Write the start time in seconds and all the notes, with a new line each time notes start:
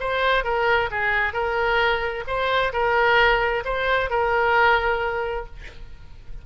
0.00 C5
0.44 A#4
0.91 G#4
1.33 A#4
2.27 C5
2.73 A#4
3.65 C5
4.10 A#4